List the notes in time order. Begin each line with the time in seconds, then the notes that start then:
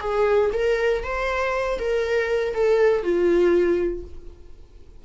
0.00 G#4
0.53 A#4
1.03 C5
1.79 A#4
2.54 A4
3.03 F4